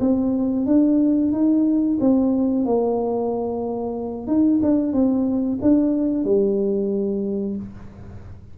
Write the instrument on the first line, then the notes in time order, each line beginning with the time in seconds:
tuba
0.00 C4
0.66 D4
1.32 D#4
2.00 C4
2.65 A#3
4.27 D#4
4.62 D4
4.93 C4
5.62 D4
6.24 G3